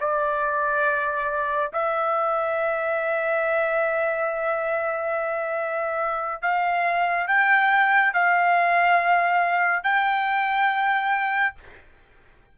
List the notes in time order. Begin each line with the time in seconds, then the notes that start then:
0.00 D5
1.73 E5
6.42 F5
7.27 G5
8.13 F5
9.83 G5